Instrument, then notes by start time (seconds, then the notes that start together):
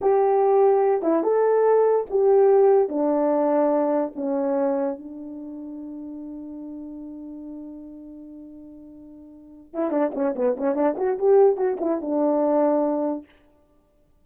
horn
0.01 G4
1.02 E4
1.23 A4
2.10 G4
2.88 D4
4.15 C#4
4.97 D4
9.73 E4
9.90 D4
10.14 C#4
10.35 B3
10.57 C#4
10.75 D4
10.97 F#4
11.18 G4
11.56 F#4
11.80 E4
12.01 D4